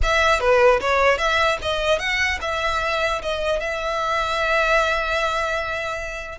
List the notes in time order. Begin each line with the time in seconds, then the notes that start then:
0.02 E5
0.40 B4
0.80 C#5
1.18 E5
1.62 D#5
1.98 F#5
2.41 E5
3.22 D#5
3.59 E5